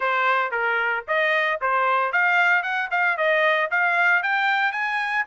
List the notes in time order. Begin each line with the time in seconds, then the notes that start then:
0.00 C5
0.51 A#4
1.07 D#5
1.61 C5
2.12 F5
2.62 F#5
2.90 F5
3.17 D#5
3.71 F5
4.22 G5
4.72 G#5